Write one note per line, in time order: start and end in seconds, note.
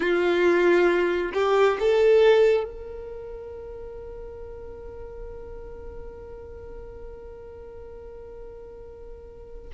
0.00 1.32 F4
1.33 1.77 G4
1.79 2.64 A4
2.64 9.69 A#4